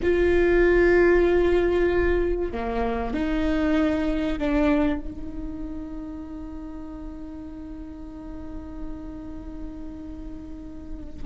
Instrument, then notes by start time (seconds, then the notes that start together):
viola
0.02 F4
2.52 A#3
3.13 D#4
4.38 D4
5.00 D#4